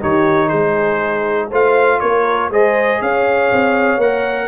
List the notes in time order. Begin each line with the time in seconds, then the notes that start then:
0.00 D#3 D#4 G4 C#5
0.47 G#3 G#4 C5
1.49 A3 F4 C5 F5
1.99 A#3 A#4 C#5
2.50 G#3 G#4 C5 D#5
3.01 C#4 C#5 F5
3.51 C4
3.97 A#3 A#4 F#5